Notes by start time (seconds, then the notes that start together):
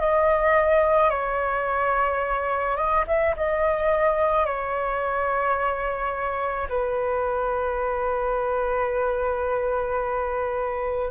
0.00 D#5
1.10 C#5
2.77 D#5
3.07 E5
3.37 D#5
4.46 C#5
6.69 B4